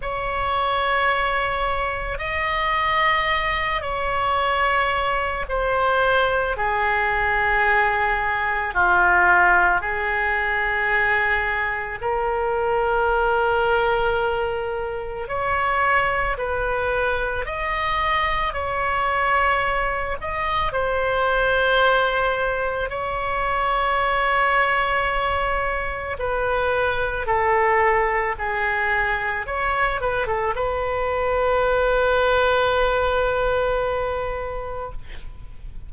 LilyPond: \new Staff \with { instrumentName = "oboe" } { \time 4/4 \tempo 4 = 55 cis''2 dis''4. cis''8~ | cis''4 c''4 gis'2 | f'4 gis'2 ais'4~ | ais'2 cis''4 b'4 |
dis''4 cis''4. dis''8 c''4~ | c''4 cis''2. | b'4 a'4 gis'4 cis''8 b'16 a'16 | b'1 | }